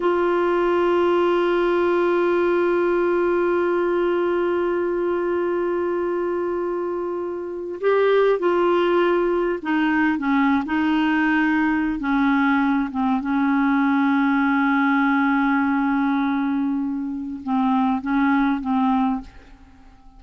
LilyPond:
\new Staff \with { instrumentName = "clarinet" } { \time 4/4 \tempo 4 = 100 f'1~ | f'1~ | f'1~ | f'4 g'4 f'2 |
dis'4 cis'8. dis'2~ dis'16 | cis'4. c'8 cis'2~ | cis'1~ | cis'4 c'4 cis'4 c'4 | }